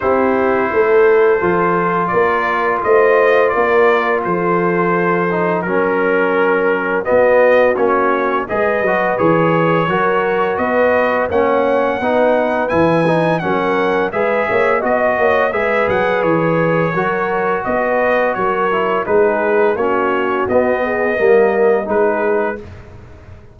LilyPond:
<<
  \new Staff \with { instrumentName = "trumpet" } { \time 4/4 \tempo 4 = 85 c''2. d''4 | dis''4 d''4 c''2 | ais'2 dis''4 cis''4 | dis''4 cis''2 dis''4 |
fis''2 gis''4 fis''4 | e''4 dis''4 e''8 fis''8 cis''4~ | cis''4 dis''4 cis''4 b'4 | cis''4 dis''2 b'4 | }
  \new Staff \with { instrumentName = "horn" } { \time 4/4 g'4 a'2 ais'4 | c''4 ais'4 a'2 | ais'2 fis'2 | b'2 ais'4 b'4 |
cis''4 b'2 ais'4 | b'8 cis''8 dis''8 cis''8 b'2 | ais'4 b'4 ais'4 gis'4 | fis'4. gis'8 ais'4 gis'4 | }
  \new Staff \with { instrumentName = "trombone" } { \time 4/4 e'2 f'2~ | f'2.~ f'8 dis'8 | cis'2 b4 cis'4 | gis'8 fis'8 gis'4 fis'2 |
cis'4 dis'4 e'8 dis'8 cis'4 | gis'4 fis'4 gis'2 | fis'2~ fis'8 e'8 dis'4 | cis'4 b4 ais4 dis'4 | }
  \new Staff \with { instrumentName = "tuba" } { \time 4/4 c'4 a4 f4 ais4 | a4 ais4 f2 | fis2 b4 ais4 | gis8 fis8 e4 fis4 b4 |
ais4 b4 e4 fis4 | gis8 ais8 b8 ais8 gis8 fis8 e4 | fis4 b4 fis4 gis4 | ais4 b4 g4 gis4 | }
>>